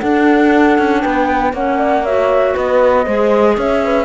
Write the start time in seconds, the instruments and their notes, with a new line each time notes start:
0.00 clarinet D4, cello D4, horn A4, flute F#5
0.78 cello C#4
1.02 cello B3, horn B4, flute G5
1.53 cello A#3, clarinet C#4, horn C#5, flute F#5
1.78 horn D5
2.03 clarinet F#4, horn C#5, flute E5
2.54 cello B3, horn B4, flute D#5
3.05 cello G#3, clarinet G#4, horn C5
3.57 cello C#4, horn C#5, flute E5
3.84 horn B4